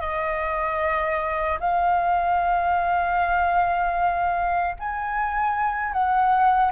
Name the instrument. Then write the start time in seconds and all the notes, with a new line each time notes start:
flute
0.00 D#5
1.59 F5
4.79 G#5
5.92 F#5